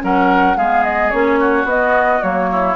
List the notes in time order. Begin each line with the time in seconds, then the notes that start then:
0.00 F#3 C#4 A#4 F#5
0.56 G#3 B3 G#4 F5
0.83 D#5
1.10 A#3 C#4 C#5
1.39 F#4
1.64 B3 D#5
1.70 B3
2.21 F#3 A#3 C#5
2.51 E4